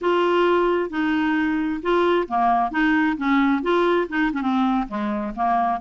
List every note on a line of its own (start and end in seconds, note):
0.01 0.90 F4
0.90 1.81 D#4
1.82 2.27 F4
2.28 2.71 A#3
2.71 3.16 D#4
3.17 3.62 C#4
3.62 4.07 F4
4.08 4.31 D#4
4.33 4.41 C#4
4.41 4.87 C4
4.87 5.33 G#3
5.35 5.81 A#3